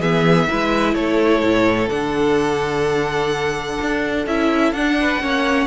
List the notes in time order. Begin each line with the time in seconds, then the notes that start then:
0.00 E3 B3 G#4 E5
0.48 G#3 E4 B4
0.95 A3 A4 C#5
1.42 A2
1.89 D3 D4 F#5
3.81 D4
4.26 C#4 E4 E5
4.73 D4 F#5
5.01 B4
5.20 A#3 C#4 C#5